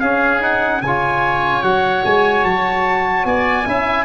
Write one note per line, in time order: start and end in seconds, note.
0.00 0.81 C#4
0.00 0.40 C#4
0.00 0.82 G#4
0.00 0.41 F5
0.40 0.81 D#4
0.40 0.82 F#5
0.81 1.62 C#3
0.81 1.63 F4
0.81 3.27 C#5
0.81 1.63 G#5
1.63 2.03 F#3
1.63 3.65 F#4
1.63 2.03 F#5
2.04 2.44 G#3
2.04 2.44 G#5
2.44 3.25 F#3
2.44 3.25 A5
3.25 3.65 B3
3.25 3.68 D5
3.25 4.05 G#5
3.65 4.05 C#4
3.65 4.05 E4
3.65 4.05 E5